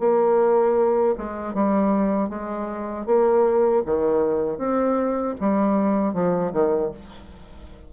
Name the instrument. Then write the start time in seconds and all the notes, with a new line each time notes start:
bassoon
0.00 A#3
1.18 G#3
1.55 G3
2.29 G#3
3.06 A#3
3.86 D#3
4.58 C4
5.41 G3
6.14 F3
6.53 D#3